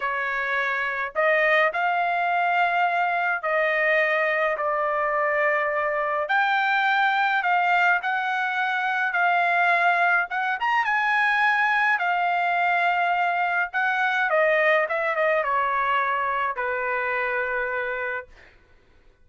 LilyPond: \new Staff \with { instrumentName = "trumpet" } { \time 4/4 \tempo 4 = 105 cis''2 dis''4 f''4~ | f''2 dis''2 | d''2. g''4~ | g''4 f''4 fis''2 |
f''2 fis''8 ais''8 gis''4~ | gis''4 f''2. | fis''4 dis''4 e''8 dis''8 cis''4~ | cis''4 b'2. | }